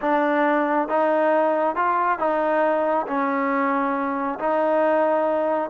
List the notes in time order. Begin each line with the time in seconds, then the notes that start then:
0.01 D4
0.88 D#4
1.75 F4
2.18 D#4
3.07 C#4
4.39 D#4